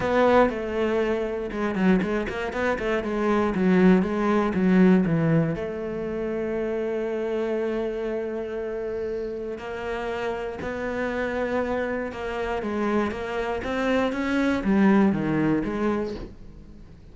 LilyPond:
\new Staff \with { instrumentName = "cello" } { \time 4/4 \tempo 4 = 119 b4 a2 gis8 fis8 | gis8 ais8 b8 a8 gis4 fis4 | gis4 fis4 e4 a4~ | a1~ |
a2. ais4~ | ais4 b2. | ais4 gis4 ais4 c'4 | cis'4 g4 dis4 gis4 | }